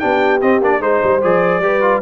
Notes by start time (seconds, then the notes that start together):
0.00 B3 D4 G4 G5
0.42 C4 D#5
0.62 A#3 D4 D5
0.81 G#3 D#4 C5
1.04 G3
1.22 F3 G#4 D5
1.60 G3 G4 B4
1.82 F4